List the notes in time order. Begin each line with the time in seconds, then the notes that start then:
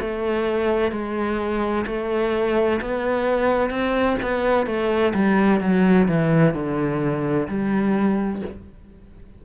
0.00 A3
0.92 G#3
1.87 A3
2.81 B3
3.70 C4
4.22 B3
4.67 A3
5.14 G3
5.61 F#3
6.08 E3
6.54 D3
7.48 G3